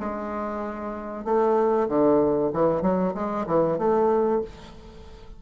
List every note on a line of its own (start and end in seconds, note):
0.00 1.25 G#3
1.25 1.88 A3
1.88 2.51 D3
2.53 2.82 E3
2.82 3.13 F#3
3.15 3.46 G#3
3.47 3.78 E3
3.78 4.42 A3